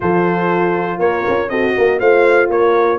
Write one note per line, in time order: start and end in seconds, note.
0.00 0.98 F3
0.00 1.49 F4
0.00 0.99 A4
0.00 0.99 C5
0.98 1.23 A#3
0.98 1.49 A#4
0.98 1.49 C#5
1.28 1.50 C#4
1.49 1.75 C4
1.49 2.00 F#4
1.49 1.75 A4
1.49 1.99 D#5
1.76 2.00 A#3
1.76 1.99 A#4
1.99 2.49 A3
1.99 2.99 F4
1.99 2.49 C5
1.99 2.49 F5
2.49 2.99 A#3
2.49 2.99 A#4
2.49 2.99 C#5